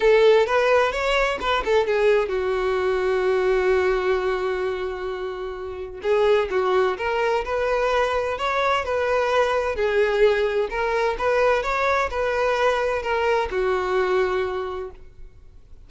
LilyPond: \new Staff \with { instrumentName = "violin" } { \time 4/4 \tempo 4 = 129 a'4 b'4 cis''4 b'8 a'8 | gis'4 fis'2.~ | fis'1~ | fis'4 gis'4 fis'4 ais'4 |
b'2 cis''4 b'4~ | b'4 gis'2 ais'4 | b'4 cis''4 b'2 | ais'4 fis'2. | }